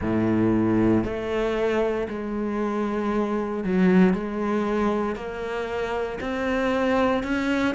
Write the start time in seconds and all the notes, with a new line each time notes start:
0.01 A2
1.03 A3
2.08 G#3
3.63 F#3
4.13 G#3
5.15 A#3
6.20 C4
7.23 C#4